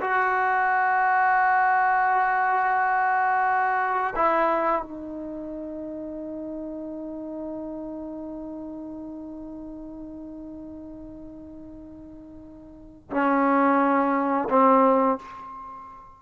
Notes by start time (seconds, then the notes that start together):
0.00 F#4
4.15 E4
4.82 D#4
13.10 C#4
14.49 C4